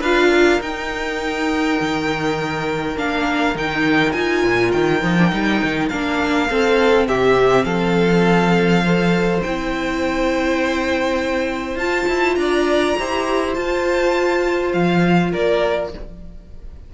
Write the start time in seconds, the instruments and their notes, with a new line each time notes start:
0.00 cello D4, viola F4, violin B4 F5
0.29 violin A#4
0.60 viola D#4, cello D#4, violin G5
1.81 cello D#3
2.97 cello A#3, viola D4, violin F5
3.55 cello D#3, viola D#4, violin G5
4.12 cello D#4, viola F4, violin G#5
4.44 cello A#2
4.72 cello D#3, violin G5
5.03 cello F3, viola D#4
5.18 viola D4
5.31 cello G3, viola D#4
5.63 cello D#3
5.88 cello A#3, viola D4, violin F5
6.49 viola C4, cello C4, violin A4
7.08 cello C3, violin G4 E5
7.64 cello F3, violin A4 F5
8.85 viola A4, violin C5
9.43 cello C4, viola E4, violin G5
11.76 cello F4, viola F4, violin A5
12.09 cello E4
12.36 cello D4, violin D5 A#5
12.98 cello E4, viola G4, violin C5
13.54 viola F4, cello F4, violin A5
14.73 cello F3, violin F5
15.30 cello A#3, violin A#4 D5